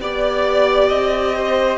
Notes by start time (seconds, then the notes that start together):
0.00 B3 G4 D5
0.88 C4 D#5
1.35 C5